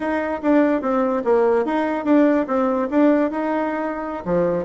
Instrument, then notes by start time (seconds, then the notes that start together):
bassoon
0.00 D#4
0.42 D4
0.81 C4
1.24 A#3
1.65 D#4
2.05 D4
2.47 C4
2.90 D4
3.30 D#4
4.25 F3